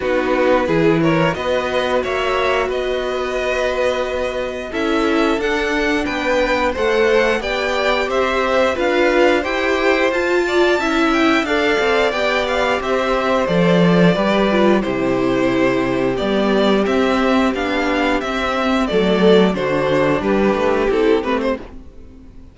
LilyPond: <<
  \new Staff \with { instrumentName = "violin" } { \time 4/4 \tempo 4 = 89 b'4. cis''8 dis''4 e''4 | dis''2. e''4 | fis''4 g''4 fis''4 g''4 | e''4 f''4 g''4 a''4~ |
a''8 g''8 f''4 g''8 f''8 e''4 | d''2 c''2 | d''4 e''4 f''4 e''4 | d''4 c''4 b'4 a'8 b'16 c''16 | }
  \new Staff \with { instrumentName = "violin" } { \time 4/4 fis'4 gis'8 ais'8 b'4 cis''4 | b'2. a'4~ | a'4 b'4 c''4 d''4 | c''4 b'4 c''4. d''8 |
e''4 d''2 c''4~ | c''4 b'4 g'2~ | g'1 | a'4 fis'4 g'2 | }
  \new Staff \with { instrumentName = "viola" } { \time 4/4 dis'4 e'4 fis'2~ | fis'2. e'4 | d'2 a'4 g'4~ | g'4 f'4 g'4 f'4 |
e'4 a'4 g'2 | a'4 g'8 f'8 e'2 | b4 c'4 d'4 c'4 | a4 d'2 e'8 c'8 | }
  \new Staff \with { instrumentName = "cello" } { \time 4/4 b4 e4 b4 ais4 | b2. cis'4 | d'4 b4 a4 b4 | c'4 d'4 e'4 f'4 |
cis'4 d'8 c'8 b4 c'4 | f4 g4 c2 | g4 c'4 b4 c'4 | fis4 d4 g8 a8 c'8 a8 | }
>>